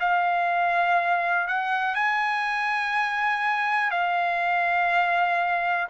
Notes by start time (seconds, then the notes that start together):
0.00 F5
1.48 F#5
1.95 G#5
3.91 F5